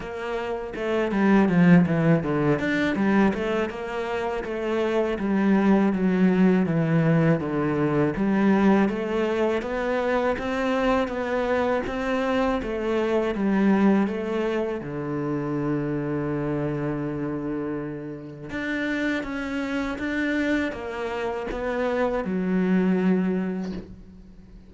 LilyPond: \new Staff \with { instrumentName = "cello" } { \time 4/4 \tempo 4 = 81 ais4 a8 g8 f8 e8 d8 d'8 | g8 a8 ais4 a4 g4 | fis4 e4 d4 g4 | a4 b4 c'4 b4 |
c'4 a4 g4 a4 | d1~ | d4 d'4 cis'4 d'4 | ais4 b4 fis2 | }